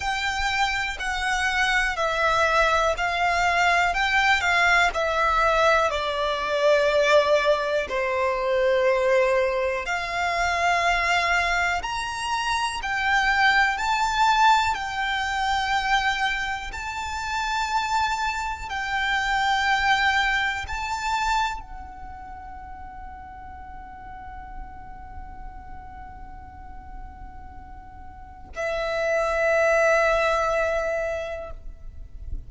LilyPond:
\new Staff \with { instrumentName = "violin" } { \time 4/4 \tempo 4 = 61 g''4 fis''4 e''4 f''4 | g''8 f''8 e''4 d''2 | c''2 f''2 | ais''4 g''4 a''4 g''4~ |
g''4 a''2 g''4~ | g''4 a''4 fis''2~ | fis''1~ | fis''4 e''2. | }